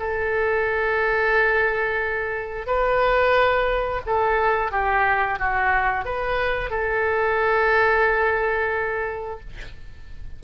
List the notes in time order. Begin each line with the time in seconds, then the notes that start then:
0.00 A4
2.67 B4
4.07 A4
4.72 G4
5.39 F#4
6.06 B4
6.70 A4